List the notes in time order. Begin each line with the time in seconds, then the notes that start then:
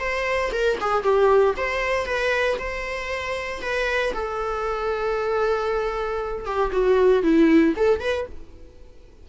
0.00 C5
0.52 A#4
0.81 G#4
1.03 G4
1.57 C5
2.06 B4
2.59 C5
3.62 B4
4.14 A4
6.46 G4
6.72 F#4
7.23 E4
7.77 A4
8.00 B4